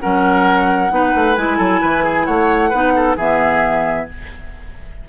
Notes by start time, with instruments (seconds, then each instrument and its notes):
0.00 bassoon F#3, clarinet C#4, oboe A#4, flute F#5
0.91 bassoon B3, clarinet D#4, oboe B4
1.15 bassoon A3
1.36 bassoon G#3, clarinet E4, flute G#5
1.58 bassoon F#3, oboe A4
1.82 bassoon E3, oboe B4
2.04 oboe G#4
2.25 bassoon A3, oboe C#5, flute F#5
2.70 bassoon B3, clarinet D#4, oboe B4
2.96 oboe A4
3.17 bassoon E3, clarinet B3, oboe G#4, flute E5